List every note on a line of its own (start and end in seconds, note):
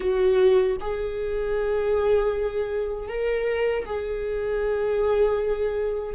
0.00 0.77 F#4
0.80 3.08 G#4
3.08 3.85 A#4
3.85 6.14 G#4